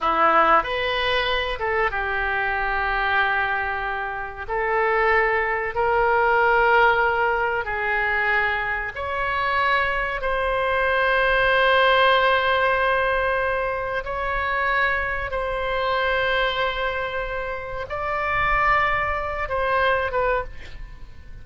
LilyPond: \new Staff \with { instrumentName = "oboe" } { \time 4/4 \tempo 4 = 94 e'4 b'4. a'8 g'4~ | g'2. a'4~ | a'4 ais'2. | gis'2 cis''2 |
c''1~ | c''2 cis''2 | c''1 | d''2~ d''8 c''4 b'8 | }